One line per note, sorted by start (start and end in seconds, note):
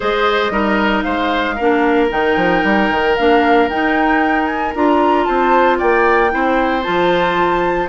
0.00 0.50 G#3
0.00 0.51 G#4
0.00 0.52 C5
0.00 1.02 D#5
0.50 1.03 G3
0.50 1.56 D#4
0.50 1.04 A#4
1.02 1.59 G#3
1.02 1.55 C5
1.02 2.07 F5
1.55 2.11 A#3
1.55 2.09 D4
1.55 5.23 A#4
2.09 2.36 D#3
2.09 3.14 D#4
2.09 3.15 G5
2.36 2.62 F3
2.63 2.89 G3
2.90 3.16 D#3
3.15 3.69 A#3
3.15 3.71 D4
3.15 3.68 F5
3.69 4.74 D#4
3.69 4.46 G5
4.46 4.72 G#5
4.74 5.27 D4
4.74 6.30 F4
4.74 5.24 A#5
5.24 5.80 C4
5.24 5.78 C5
5.24 5.77 A5
5.78 6.34 A#3
5.78 6.30 D5
5.78 6.82 G5
6.30 6.86 C4
6.30 6.83 E4
6.30 7.89 C5
6.82 7.89 F3
6.82 7.88 F4
6.82 7.87 A5